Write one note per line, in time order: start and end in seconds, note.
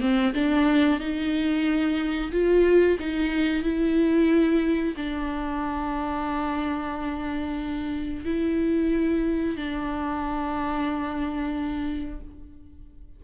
0.00 0.33 C4
0.34 1.00 D4
1.00 2.31 D#4
2.32 2.98 F4
2.99 3.63 D#4
3.63 4.95 E4
4.96 8.25 D4
8.25 9.56 E4
9.56 12.20 D4